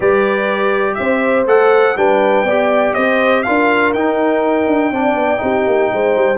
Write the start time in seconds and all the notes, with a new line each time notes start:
0.00 G3 G4 B4 D5
0.94 C4 C5 E5
1.46 A3 A4 F#5
1.96 G3 D4 B4 G5
2.43 B3 G4 D5
2.93 C4 C5 D#5
3.43 D4 F4 A#4 F5
3.93 D#4 G5
4.66 D4
4.91 C4 D4 D5
5.15 B3
5.37 C4 D#4 G4
5.66 A#3
5.92 G#3 C5
6.16 G3